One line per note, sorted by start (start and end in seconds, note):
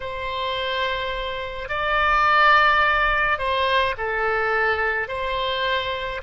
0.00 1.68 C5
1.68 3.38 D5
3.38 3.95 C5
3.97 5.07 A4
5.07 6.21 C5